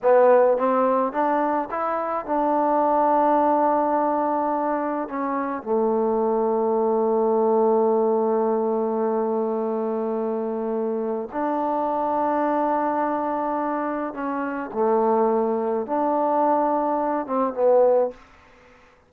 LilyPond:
\new Staff \with { instrumentName = "trombone" } { \time 4/4 \tempo 4 = 106 b4 c'4 d'4 e'4 | d'1~ | d'4 cis'4 a2~ | a1~ |
a1 | d'1~ | d'4 cis'4 a2 | d'2~ d'8 c'8 b4 | }